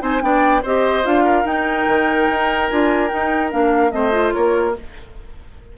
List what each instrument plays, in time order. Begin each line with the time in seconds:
0.00 bassoon C4, clarinet D#4, oboe C5, flute G#5
0.21 bassoon B3, clarinet D4, oboe D5, flute G5
0.63 bassoon C4, clarinet G4, oboe C5, flute D#5
1.04 bassoon D4, clarinet F4, flute F5
1.25 oboe A#4
1.44 bassoon D#4, clarinet D#4, flute G5
1.88 bassoon D#3
2.30 bassoon D#4
2.70 bassoon D4, clarinet F4, flute G#5
3.08 clarinet D#4, bassoon D#4, flute G5
3.51 bassoon A#3, clarinet D4, flute F5
3.91 bassoon A3, clarinet C4, oboe C5, flute D#5
4.12 clarinet F4
4.33 bassoon A#3, oboe A#4, flute C#5